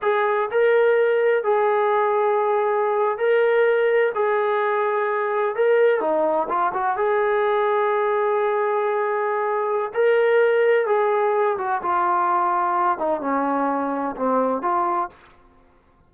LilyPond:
\new Staff \with { instrumentName = "trombone" } { \time 4/4 \tempo 4 = 127 gis'4 ais'2 gis'4~ | gis'2~ gis'8. ais'4~ ais'16~ | ais'8. gis'2. ais'16~ | ais'8. dis'4 f'8 fis'8 gis'4~ gis'16~ |
gis'1~ | gis'4 ais'2 gis'4~ | gis'8 fis'8 f'2~ f'8 dis'8 | cis'2 c'4 f'4 | }